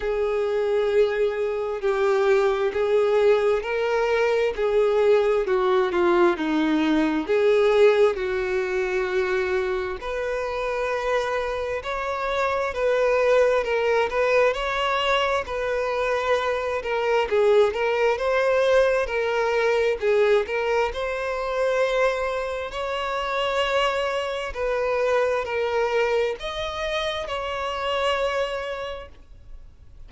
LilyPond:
\new Staff \with { instrumentName = "violin" } { \time 4/4 \tempo 4 = 66 gis'2 g'4 gis'4 | ais'4 gis'4 fis'8 f'8 dis'4 | gis'4 fis'2 b'4~ | b'4 cis''4 b'4 ais'8 b'8 |
cis''4 b'4. ais'8 gis'8 ais'8 | c''4 ais'4 gis'8 ais'8 c''4~ | c''4 cis''2 b'4 | ais'4 dis''4 cis''2 | }